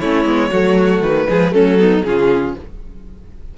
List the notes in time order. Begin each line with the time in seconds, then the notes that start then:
0.00 A3 C#4 E4 C#5
0.25 G#3 B3
0.51 F#3 A3 F#4
1.02 D#3 B4
1.29 F3 G#3 G#4
1.51 F#3 A3 C#4 A4
1.79 B3 D#4
2.04 C#3 C#4 F4 G#4